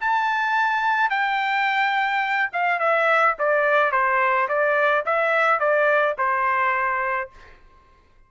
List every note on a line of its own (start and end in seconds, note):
0.00 1.10 A5
1.10 2.50 G5
2.52 2.79 F5
2.79 3.35 E5
3.39 3.92 D5
3.92 4.48 C5
4.48 5.04 D5
5.05 5.59 E5
5.59 6.15 D5
6.18 7.30 C5